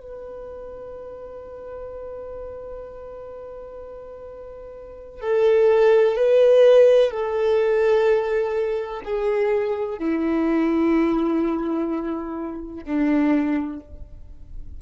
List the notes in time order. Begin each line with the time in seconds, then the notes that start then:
0.00 B4
5.21 A4
6.16 B4
7.11 A4
9.04 G#4
9.99 E4
12.84 D4